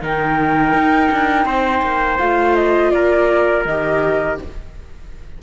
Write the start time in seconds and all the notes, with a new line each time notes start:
0.00 D#3 D#4 A#4 G5
0.73 D#4
1.11 D4
1.45 C4 C5
1.82 A#3
2.18 A3 F4 F5
2.55 D#5
2.90 A#3 A#4 D5
3.65 D#3 G4 D#5